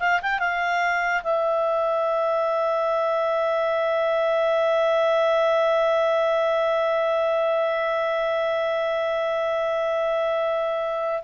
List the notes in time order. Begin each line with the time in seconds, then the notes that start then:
0.00 F5
0.22 G5
0.39 F5
1.23 E5